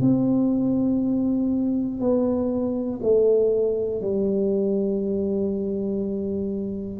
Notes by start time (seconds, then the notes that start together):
0.00 C4
2.00 B3
3.03 A3
4.00 G3